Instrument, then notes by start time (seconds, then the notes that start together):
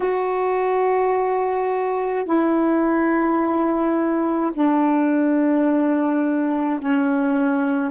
saxophone
0.00 F#4
2.25 E4
4.53 D4
6.79 C#4